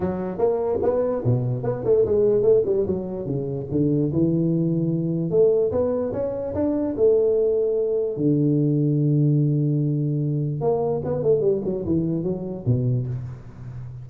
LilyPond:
\new Staff \with { instrumentName = "tuba" } { \time 4/4 \tempo 4 = 147 fis4 ais4 b4 b,4 | b8 a8 gis4 a8 g8 fis4 | cis4 d4 e2~ | e4 a4 b4 cis'4 |
d'4 a2. | d1~ | d2 ais4 b8 a8 | g8 fis8 e4 fis4 b,4 | }